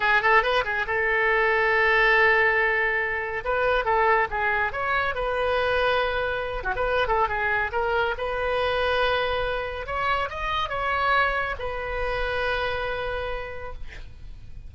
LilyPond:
\new Staff \with { instrumentName = "oboe" } { \time 4/4 \tempo 4 = 140 gis'8 a'8 b'8 gis'8 a'2~ | a'1 | b'4 a'4 gis'4 cis''4 | b'2.~ b'8 fis'16 b'16~ |
b'8 a'8 gis'4 ais'4 b'4~ | b'2. cis''4 | dis''4 cis''2 b'4~ | b'1 | }